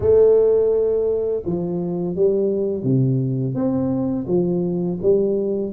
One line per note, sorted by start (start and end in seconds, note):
0.00 1.43 A3
1.45 2.15 F3
2.15 2.83 G3
2.83 3.54 C3
3.54 4.26 C4
4.27 4.98 F3
5.02 5.72 G3